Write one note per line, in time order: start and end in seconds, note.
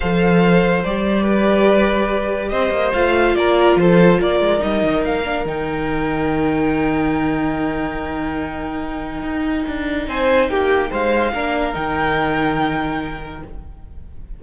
0.00 0.84 F3
0.00 0.85 A4
0.00 1.23 C5
0.00 0.83 F5
0.84 2.51 G3
0.84 2.94 G4
0.84 2.49 D5
1.23 2.48 B4
2.49 2.70 C4
2.49 3.35 C5
2.49 2.91 D#5
2.70 2.91 A#3
2.93 3.35 A3
2.93 4.59 F4
2.93 3.35 F5
3.35 3.76 A#3
3.35 3.79 A#4
3.35 3.77 D5
3.76 4.17 F3
3.76 4.20 A4
3.76 4.21 C5
4.20 4.39 A#3
4.20 10.08 A#4
4.20 4.62 D5
4.39 4.60 G#3
4.59 4.83 G3
4.59 5.22 D#4
4.59 5.03 D#5
4.83 5.04 D#3
5.04 5.45 A#3
5.04 5.46 F5
5.24 5.45 D4
5.45 9.22 D#3
5.45 11.33 D#4
5.45 10.08 G5
9.22 9.63 D#4
9.67 10.07 D4
10.07 10.49 C4
10.07 10.50 C5
10.07 10.49 G#5
10.49 10.91 A#3
10.49 10.90 G4
10.49 10.90 G5
10.90 11.32 G#3
10.90 11.32 C5
10.90 11.74 F5
11.32 11.74 A#3
11.32 11.72 D4
11.32 13.43 A#4
11.72 13.43 D#3
11.72 13.40 D#4
11.72 13.41 G5